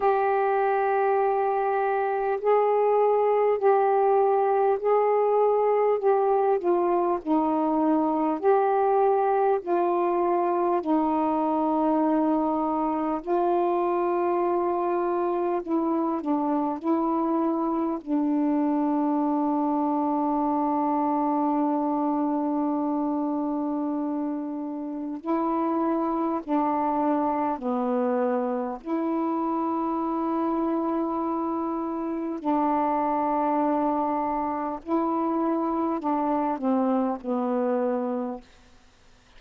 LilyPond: \new Staff \with { instrumentName = "saxophone" } { \time 4/4 \tempo 4 = 50 g'2 gis'4 g'4 | gis'4 g'8 f'8 dis'4 g'4 | f'4 dis'2 f'4~ | f'4 e'8 d'8 e'4 d'4~ |
d'1~ | d'4 e'4 d'4 b4 | e'2. d'4~ | d'4 e'4 d'8 c'8 b4 | }